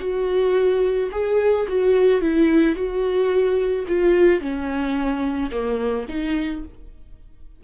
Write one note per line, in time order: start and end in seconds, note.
0.00 1.10 F#4
1.12 1.67 G#4
1.69 2.22 F#4
2.22 2.76 E4
2.76 3.86 F#4
3.88 4.41 F4
4.41 5.51 C#4
5.52 6.07 A#3
6.09 6.64 D#4